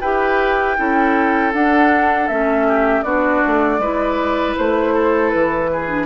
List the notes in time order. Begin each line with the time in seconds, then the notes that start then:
0.00 E4 G4 B4 G5
0.76 C#4 E4 A4
1.53 D4 F#5
2.28 A3 C#4 E5
2.67 G4
3.02 B3 D4 F#4 D5
3.46 A3
3.78 G#3 E4 B4
4.57 A3 C5
4.94 A4
5.30 E3 B4
5.72 G#4
5.87 D4